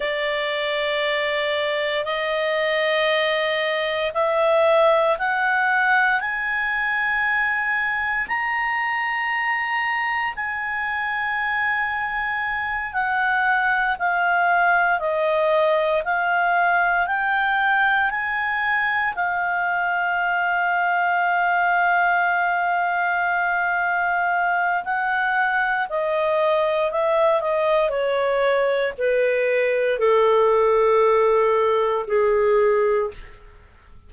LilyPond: \new Staff \with { instrumentName = "clarinet" } { \time 4/4 \tempo 4 = 58 d''2 dis''2 | e''4 fis''4 gis''2 | ais''2 gis''2~ | gis''8 fis''4 f''4 dis''4 f''8~ |
f''8 g''4 gis''4 f''4.~ | f''1 | fis''4 dis''4 e''8 dis''8 cis''4 | b'4 a'2 gis'4 | }